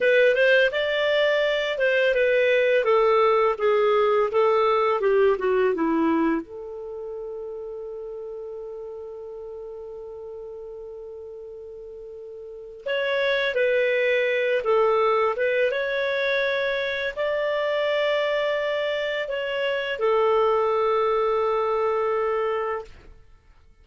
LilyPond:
\new Staff \with { instrumentName = "clarinet" } { \time 4/4 \tempo 4 = 84 b'8 c''8 d''4. c''8 b'4 | a'4 gis'4 a'4 g'8 fis'8 | e'4 a'2.~ | a'1~ |
a'2 cis''4 b'4~ | b'8 a'4 b'8 cis''2 | d''2. cis''4 | a'1 | }